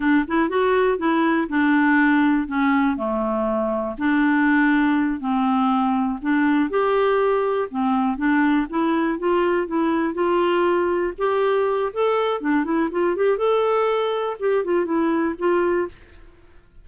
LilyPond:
\new Staff \with { instrumentName = "clarinet" } { \time 4/4 \tempo 4 = 121 d'8 e'8 fis'4 e'4 d'4~ | d'4 cis'4 a2 | d'2~ d'8 c'4.~ | c'8 d'4 g'2 c'8~ |
c'8 d'4 e'4 f'4 e'8~ | e'8 f'2 g'4. | a'4 d'8 e'8 f'8 g'8 a'4~ | a'4 g'8 f'8 e'4 f'4 | }